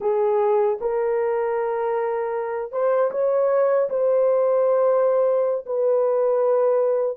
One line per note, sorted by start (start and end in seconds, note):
0.00 0.78 G#4
0.80 2.71 A#4
2.71 3.10 C5
3.11 3.89 C#5
3.89 5.65 C5
5.65 7.17 B4